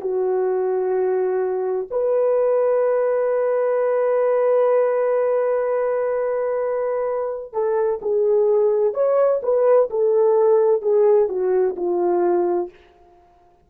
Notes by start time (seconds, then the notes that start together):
0.00 F#4
1.90 B4
7.53 A4
8.02 G#4
8.93 C#5
9.42 B4
9.90 A4
10.82 G#4
11.28 F#4
11.76 F4